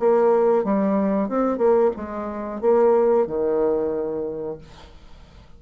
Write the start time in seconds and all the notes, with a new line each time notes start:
0.00 A#3
0.65 G3
1.29 C4
1.58 A#3
1.97 G#3
2.62 A#3
3.27 D#3